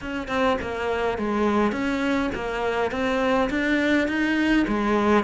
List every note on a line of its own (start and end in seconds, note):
0.01 0.28 C#4
0.28 0.57 C4
0.61 1.18 A#3
1.18 1.72 G#3
1.72 2.30 C#4
2.35 2.91 A#3
2.91 3.49 C4
3.50 4.08 D4
4.08 4.66 D#4
4.67 5.24 G#3